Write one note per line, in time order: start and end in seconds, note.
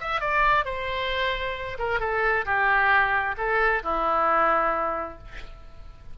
0.00 0.21 E5
0.21 0.65 D5
0.65 1.78 C5
1.79 2.00 A#4
2.00 2.45 A4
2.45 3.35 G4
3.37 3.82 A4
3.83 5.18 E4